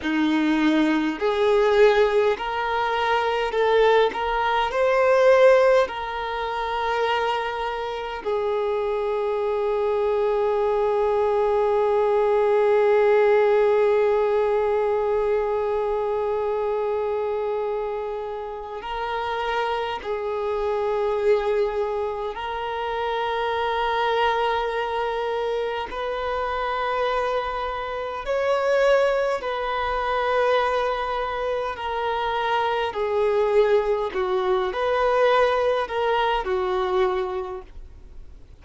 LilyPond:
\new Staff \with { instrumentName = "violin" } { \time 4/4 \tempo 4 = 51 dis'4 gis'4 ais'4 a'8 ais'8 | c''4 ais'2 gis'4~ | gis'1~ | gis'1 |
ais'4 gis'2 ais'4~ | ais'2 b'2 | cis''4 b'2 ais'4 | gis'4 fis'8 b'4 ais'8 fis'4 | }